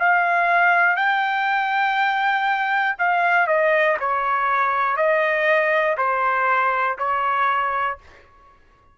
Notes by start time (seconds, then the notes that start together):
0.00 F5
0.96 G5
2.99 F5
3.48 D#5
4.00 C#5
4.97 D#5
5.98 C5
6.99 C#5